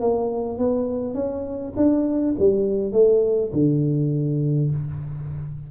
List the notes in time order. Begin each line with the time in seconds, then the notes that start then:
0.00 A#3
0.58 B3
1.14 C#4
1.76 D4
2.38 G3
2.92 A3
3.52 D3